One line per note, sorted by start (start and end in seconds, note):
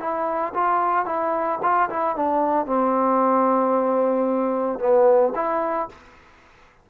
0.00 0.54 E4
0.55 1.06 F4
1.06 1.59 E4
1.63 1.90 F4
1.90 2.16 E4
2.16 2.66 D4
2.66 4.79 C4
4.79 5.33 B3
5.35 5.89 E4